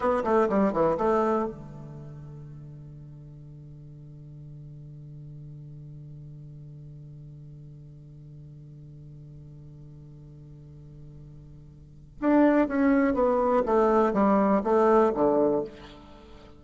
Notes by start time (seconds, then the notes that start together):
0.00 B3
0.24 A3
0.49 G3
0.72 E3
0.97 A3
1.46 D3
12.20 D4
12.68 C#4
13.14 B3
13.65 A3
14.13 G3
14.63 A3
15.15 D3